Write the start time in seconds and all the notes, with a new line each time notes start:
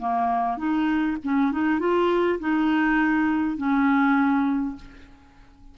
0.00 A#3
0.58 D#4
1.24 C#4
1.52 D#4
1.80 F4
2.40 D#4
3.57 C#4